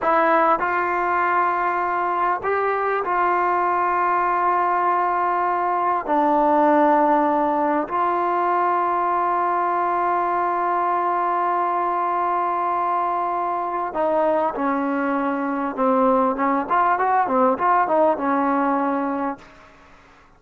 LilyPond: \new Staff \with { instrumentName = "trombone" } { \time 4/4 \tempo 4 = 99 e'4 f'2. | g'4 f'2.~ | f'2 d'2~ | d'4 f'2.~ |
f'1~ | f'2. dis'4 | cis'2 c'4 cis'8 f'8 | fis'8 c'8 f'8 dis'8 cis'2 | }